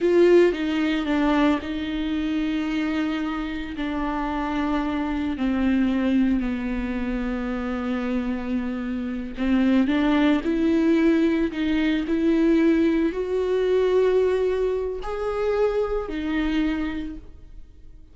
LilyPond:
\new Staff \with { instrumentName = "viola" } { \time 4/4 \tempo 4 = 112 f'4 dis'4 d'4 dis'4~ | dis'2. d'4~ | d'2 c'2 | b1~ |
b4. c'4 d'4 e'8~ | e'4. dis'4 e'4.~ | e'8 fis'2.~ fis'8 | gis'2 dis'2 | }